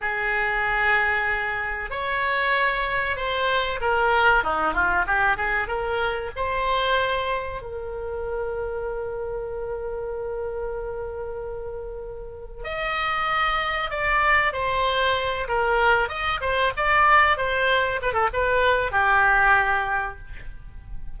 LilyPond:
\new Staff \with { instrumentName = "oboe" } { \time 4/4 \tempo 4 = 95 gis'2. cis''4~ | cis''4 c''4 ais'4 dis'8 f'8 | g'8 gis'8 ais'4 c''2 | ais'1~ |
ais'1 | dis''2 d''4 c''4~ | c''8 ais'4 dis''8 c''8 d''4 c''8~ | c''8 b'16 a'16 b'4 g'2 | }